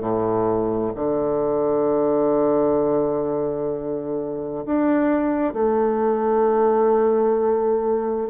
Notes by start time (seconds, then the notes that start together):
0.00 A2
0.95 D3
4.66 D4
5.53 A3